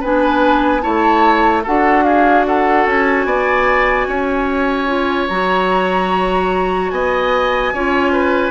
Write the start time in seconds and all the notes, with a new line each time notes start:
0.00 B3 D4 B4 G#5
0.81 A3 E4 C#5 A5
1.63 D4 F#4 A4 F#5
2.04 G#4 F5
2.46 A4 F#5
2.86 C#4 G#5
3.25 B3 D5
4.07 C#4 C#5
4.87 F4
5.28 F#3 F#4 A#5
6.90 B3 D#5 G#5
7.73 C#4 F4 C#5
8.12 B4